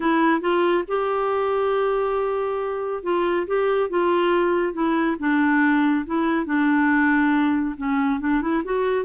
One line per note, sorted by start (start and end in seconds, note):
0.00 0.40 E4
0.40 0.84 F4
0.87 3.03 G4
3.03 3.46 F4
3.46 3.89 G4
3.89 4.73 F4
4.73 5.16 E4
5.19 6.05 D4
6.06 6.45 E4
6.45 7.75 D4
7.77 8.20 C#4
8.20 8.41 D4
8.41 8.63 E4
8.64 9.05 F#4